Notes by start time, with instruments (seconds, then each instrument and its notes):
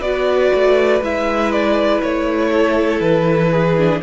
0.00 cello B3, viola F#4, violin B4 D5
0.55 cello A3
1.02 cello G#3, viola E4, violin E5
1.52 violin D5
2.02 cello A3, violin C#5
2.52 violin A4
3.01 cello E3, violin B4
3.52 violin G#4
3.78 viola D4